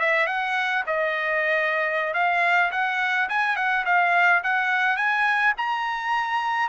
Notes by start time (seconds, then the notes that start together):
0.00 E5
0.26 F#5
0.87 D#5
2.14 F5
2.72 F#5
3.29 G#5
3.56 F#5
3.85 F5
4.44 F#5
4.97 G#5
5.58 A#5